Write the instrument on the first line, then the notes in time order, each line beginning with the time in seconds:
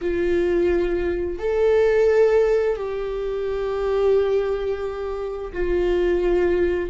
viola
0.01 F4
1.38 A4
2.76 G4
5.52 F4